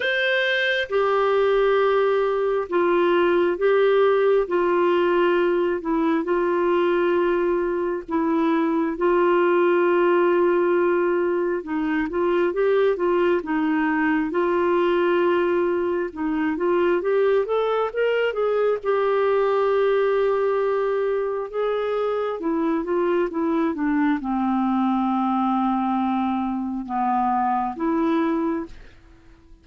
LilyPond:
\new Staff \with { instrumentName = "clarinet" } { \time 4/4 \tempo 4 = 67 c''4 g'2 f'4 | g'4 f'4. e'8 f'4~ | f'4 e'4 f'2~ | f'4 dis'8 f'8 g'8 f'8 dis'4 |
f'2 dis'8 f'8 g'8 a'8 | ais'8 gis'8 g'2. | gis'4 e'8 f'8 e'8 d'8 c'4~ | c'2 b4 e'4 | }